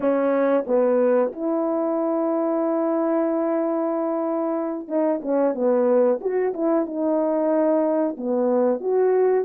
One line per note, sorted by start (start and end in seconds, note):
0.00 0.65 C#4
0.66 1.32 B3
1.32 4.87 E4
4.87 5.20 D#4
5.22 5.54 C#4
5.54 6.19 B3
6.20 6.53 F#4
6.53 6.86 E4
6.86 8.16 D#4
8.17 8.80 B3
8.80 9.45 F#4